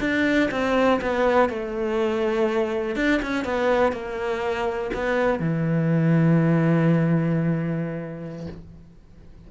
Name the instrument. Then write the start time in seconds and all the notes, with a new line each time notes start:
cello
0.00 D4
0.51 C4
1.01 B3
1.49 A3
2.96 D4
3.22 C#4
3.44 B3
3.92 A#3
4.94 B3
5.39 E3